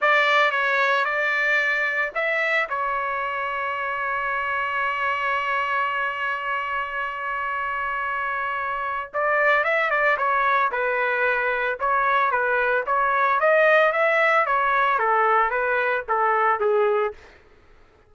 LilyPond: \new Staff \with { instrumentName = "trumpet" } { \time 4/4 \tempo 4 = 112 d''4 cis''4 d''2 | e''4 cis''2.~ | cis''1~ | cis''1~ |
cis''4 d''4 e''8 d''8 cis''4 | b'2 cis''4 b'4 | cis''4 dis''4 e''4 cis''4 | a'4 b'4 a'4 gis'4 | }